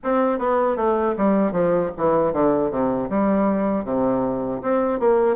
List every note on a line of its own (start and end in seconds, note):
0.03 0.38 C4
0.38 0.76 B3
0.76 1.15 A3
1.17 1.52 G3
1.52 1.90 F3
1.97 2.32 E3
2.32 2.70 D3
2.70 3.09 C3
3.09 3.84 G3
3.84 4.61 C3
4.62 4.99 C4
4.99 5.36 A#3